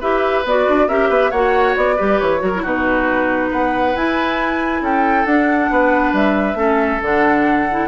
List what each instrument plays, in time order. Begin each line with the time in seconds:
0.00 bassoon E4, clarinet G4, oboe B4, flute E5
0.45 bassoon B3, clarinet F#4, flute D5
0.68 bassoon D4
0.88 bassoon C#4, clarinet G4, oboe A#4, flute E5
1.09 bassoon B3, oboe B4
1.31 bassoon A#3, clarinet F#4, oboe C#5, flute F#5
1.77 bassoon B3, flute D5
1.96 bassoon G3, clarinet G4, oboe B4
2.20 bassoon E3, flute C#5
2.39 bassoon F#3, clarinet F#4, oboe A#4
2.55 clarinet E4
2.62 bassoon B2, clarinet D#4, oboe F#4, flute B4
3.50 bassoon B3, oboe B4, flute F#5
3.95 bassoon E4, clarinet E4, flute G#5
4.81 bassoon C#4, oboe A4, flute G5
5.25 bassoon D4, clarinet D4, flute F#5
5.70 bassoon B3, oboe B4
6.13 bassoon G3, flute E5
6.55 bassoon A3, clarinet C#4, oboe A4
7.02 bassoon D3, clarinet D4, flute F#5
7.71 clarinet E4